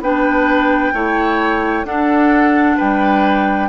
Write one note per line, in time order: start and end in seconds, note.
0.00 0.92 B3
0.00 0.94 D4
0.00 0.94 B4
0.00 1.86 G5
0.93 1.84 A3
0.93 1.85 E4
0.93 1.87 C#5
1.84 2.76 D4
1.84 3.69 D4
1.84 2.77 A4
1.84 2.78 F#5
2.77 3.69 G3
2.77 3.69 B4
2.77 3.69 G5